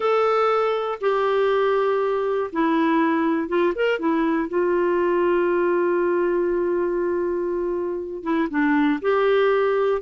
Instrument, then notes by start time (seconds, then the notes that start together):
clarinet
0.00 A4
1.00 G4
2.52 E4
3.48 F4
3.75 A#4
3.99 E4
4.48 F4
8.23 E4
8.50 D4
9.01 G4